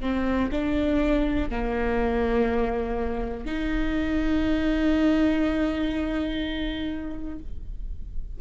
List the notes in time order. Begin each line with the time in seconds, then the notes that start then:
0.00 C4
0.51 D4
1.49 A#3
3.45 D#4